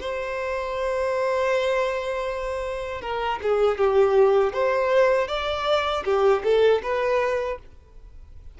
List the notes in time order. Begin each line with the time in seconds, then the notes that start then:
0.00 C5
3.01 A#4
3.42 G#4
3.78 G4
4.53 C5
5.28 D5
6.04 G4
6.43 A4
6.83 B4